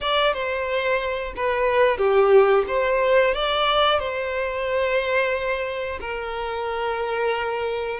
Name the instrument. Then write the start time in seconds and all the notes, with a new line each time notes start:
violin
0.01 D5
0.33 C5
1.36 B4
1.97 G4
2.67 C5
3.34 D5
3.99 C5
6.00 A#4